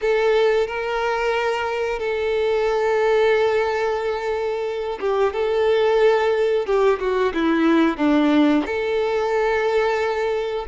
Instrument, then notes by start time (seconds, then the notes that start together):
violin
0.01 A4
0.67 A#4
1.99 A4
5.00 G4
5.33 A4
6.65 G4
6.99 F#4
7.34 E4
7.97 D4
8.65 A4